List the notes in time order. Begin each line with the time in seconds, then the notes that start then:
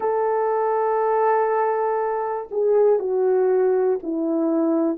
0.00 A4
2.50 G#4
2.99 F#4
4.02 E4